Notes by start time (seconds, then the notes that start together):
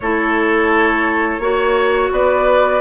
0.00 A3 E4 A4 C#5
1.39 A#3 F#4 C#5
2.11 B3 B4 D5